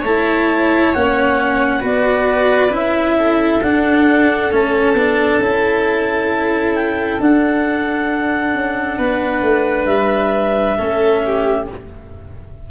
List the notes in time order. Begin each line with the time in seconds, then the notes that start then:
0.00 A3 C#5 A5
0.06 E4
0.94 A#3 C#4 F#5
1.80 B3 F#4 B4 D5
2.71 C#4 E4 E5
3.18 A4
3.62 D4 F#5
4.51 A3 C#4 A5
4.94 B3 D4
5.39 C#4 E4
6.75 G5
7.20 D4 F#5
8.54 C#4
8.98 B3 B4
9.42 A3
9.86 G3 E5
10.77 A3 C#4 A4
11.26 G4